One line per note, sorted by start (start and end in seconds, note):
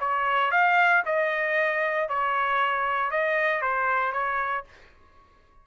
0.00 0.51 C#5
0.51 1.03 F5
1.06 2.09 D#5
2.09 3.11 C#5
3.11 3.62 D#5
3.62 4.12 C5
4.12 4.64 C#5